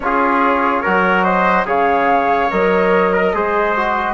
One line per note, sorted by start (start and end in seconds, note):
0.00 0.82 C#4
0.00 0.84 F4
0.00 0.82 G#4
0.00 1.23 C#5
0.82 1.65 F#3
0.82 1.65 F#4
0.82 1.23 A#4
1.23 1.65 C5
1.23 1.64 D#5
1.65 2.49 C#3
1.65 2.49 G#4
1.65 3.13 C#5
1.65 2.51 F5
2.50 3.34 F#3
2.50 3.33 A#4
2.50 4.14 D#5
3.13 3.34 A#4
3.33 4.14 G#3
3.33 3.75 G#4
3.33 4.14 C5
3.76 4.14 F#4